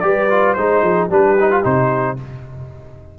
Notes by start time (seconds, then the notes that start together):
0.00 G3 G4 B4 D5
0.30 F4
0.54 G#3 D#4 C5
0.82 F3 G#4
1.08 G3 D4 G4 B4
1.40 D#4
1.51 F4
1.63 C3 D#4 C5